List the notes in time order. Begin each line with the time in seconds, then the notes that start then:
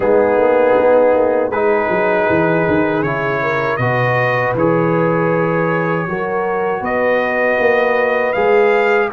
0.00 G#3 B3 D#4 G#4
0.37 A#3
0.77 B3
1.14 A#3
1.49 G#3 D#4 G#4 B4
1.89 F#3
2.29 E3
2.68 D#3
3.02 C#3 E4 C#5
3.42 A#4
3.77 B2 F#4 B4 D#5
4.54 E3 G#4 C#5
6.06 F#3 F#4 A#4
6.81 B3 B4 D#5
7.58 A#3
8.33 G#3 G#4 F5